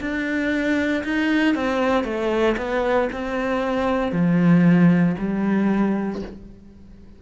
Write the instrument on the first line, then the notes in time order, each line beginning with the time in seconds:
cello
0.00 D4
1.04 D#4
1.55 C4
2.04 A3
2.57 B3
3.13 C4
4.12 F3
5.19 G3